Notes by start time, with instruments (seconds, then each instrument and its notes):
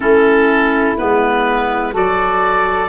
0.00 tuba A3, clarinet C#4, saxophone E4, oboe A4
0.97 tuba G#3, clarinet B3, oboe B4
1.92 tuba F#3, clarinet F#4, saxophone A4, oboe D5